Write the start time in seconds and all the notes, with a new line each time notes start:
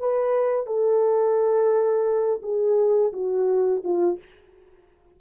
0.00 B4
0.67 A4
2.43 G#4
3.13 F#4
3.84 F4